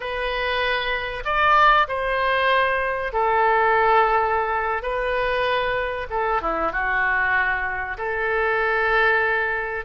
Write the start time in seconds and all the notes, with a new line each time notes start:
0.00 B4
1.24 D5
1.88 C5
3.12 A4
4.82 B4
6.10 A4
6.41 E4
6.72 F#4
7.97 A4